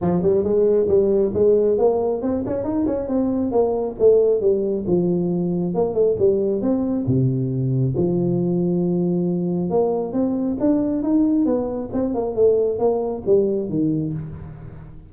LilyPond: \new Staff \with { instrumentName = "tuba" } { \time 4/4 \tempo 4 = 136 f8 g8 gis4 g4 gis4 | ais4 c'8 cis'8 dis'8 cis'8 c'4 | ais4 a4 g4 f4~ | f4 ais8 a8 g4 c'4 |
c2 f2~ | f2 ais4 c'4 | d'4 dis'4 b4 c'8 ais8 | a4 ais4 g4 dis4 | }